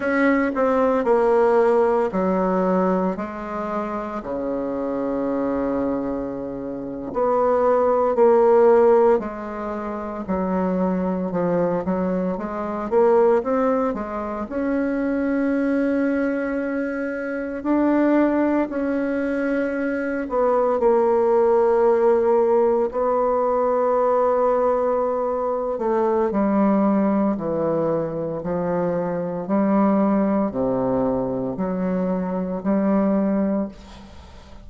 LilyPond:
\new Staff \with { instrumentName = "bassoon" } { \time 4/4 \tempo 4 = 57 cis'8 c'8 ais4 fis4 gis4 | cis2~ cis8. b4 ais16~ | ais8. gis4 fis4 f8 fis8 gis16~ | gis16 ais8 c'8 gis8 cis'2~ cis'16~ |
cis'8. d'4 cis'4. b8 ais16~ | ais4.~ ais16 b2~ b16~ | b8 a8 g4 e4 f4 | g4 c4 fis4 g4 | }